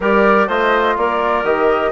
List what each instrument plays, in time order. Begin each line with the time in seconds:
0.00 bassoon G3, trombone G4, clarinet A#4, flute D5
0.47 bassoon A3, trombone F4, clarinet C5, flute D#5
0.96 bassoon A#3, clarinet A#4, flute D5
1.43 bassoon D#3, trombone G4, flute D#5